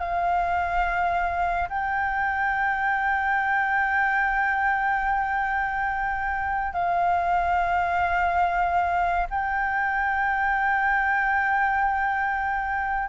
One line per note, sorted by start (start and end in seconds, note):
0.00 1.69 F5
1.69 6.73 G5
6.73 9.27 F5
9.30 13.09 G5